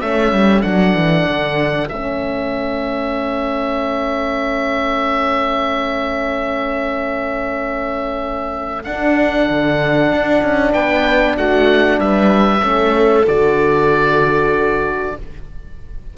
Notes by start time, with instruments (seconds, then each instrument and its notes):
0.00 cello A3, horn C#4, viola A4, oboe E5
0.32 cello G3
0.62 cello F#3, horn D4, oboe F#5
0.94 cello E3
1.29 cello D3
1.88 cello A3, horn C#4, oboe E5
8.84 horn D4, cello D4, oboe F#5
9.50 cello D3
10.13 cello D4
10.42 cello C#4
10.72 cello B3, viola B4, oboe G5
11.37 cello A3, viola F#4, oboe F#5
11.98 cello G3, viola B4, oboe E5
12.61 cello A3, horn C#4, viola A4
13.27 cello D3, horn F#4, oboe D5